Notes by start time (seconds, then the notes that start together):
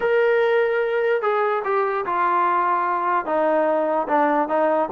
0.00 A#4
1.22 G#4
1.64 G4
2.05 F4
3.25 D#4
4.08 D4
4.48 D#4